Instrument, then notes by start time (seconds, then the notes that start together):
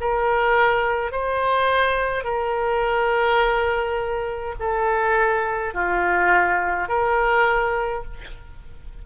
oboe
0.00 A#4
1.11 C5
2.24 A#4
4.59 A4
5.74 F4
6.88 A#4